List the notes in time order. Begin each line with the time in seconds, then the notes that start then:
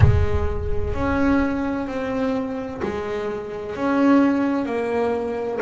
0.00 G#3
0.94 C#4
1.87 C4
2.82 G#3
3.75 C#4
4.65 A#3